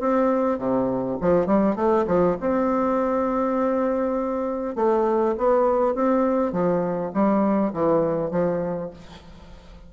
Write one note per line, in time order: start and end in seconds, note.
0.00 0.58 C4
0.58 1.18 C3
1.21 1.47 F3
1.47 1.76 G3
1.76 2.05 A3
2.07 2.37 F3
2.41 4.76 C4
4.76 5.35 A3
5.38 5.95 B3
5.95 6.52 C4
6.52 7.12 F3
7.13 7.73 G3
7.73 8.31 E3
8.31 8.90 F3